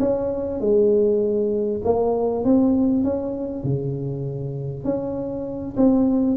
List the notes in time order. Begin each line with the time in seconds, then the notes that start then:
0.00 C#4
0.61 G#3
1.85 A#3
2.45 C4
3.05 C#4
3.64 C#3
4.85 C#4
5.77 C4